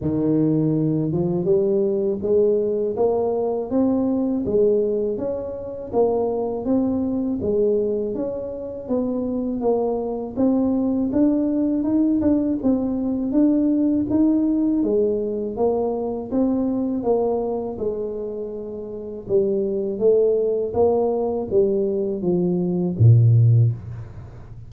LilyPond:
\new Staff \with { instrumentName = "tuba" } { \time 4/4 \tempo 4 = 81 dis4. f8 g4 gis4 | ais4 c'4 gis4 cis'4 | ais4 c'4 gis4 cis'4 | b4 ais4 c'4 d'4 |
dis'8 d'8 c'4 d'4 dis'4 | gis4 ais4 c'4 ais4 | gis2 g4 a4 | ais4 g4 f4 ais,4 | }